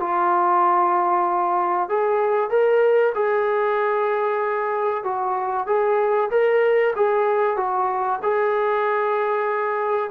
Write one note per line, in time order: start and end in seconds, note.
0.00 1.89 F4
1.89 2.50 G#4
2.50 3.13 A#4
3.15 5.04 G#4
5.04 5.67 F#4
5.67 6.30 G#4
6.31 6.94 A#4
6.96 7.57 G#4
7.57 8.20 F#4
8.23 10.11 G#4